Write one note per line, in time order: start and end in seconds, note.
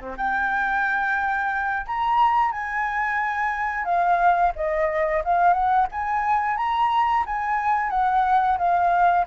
0.00 0.17 C4
0.17 1.86 G5
1.87 2.52 A#5
2.52 3.85 G#5
3.85 4.53 F5
4.56 5.23 D#5
5.25 5.53 F5
5.53 5.87 F#5
5.92 6.57 G#5
6.57 7.24 A#5
7.26 7.90 G#5
7.90 8.58 F#5
8.58 9.26 F5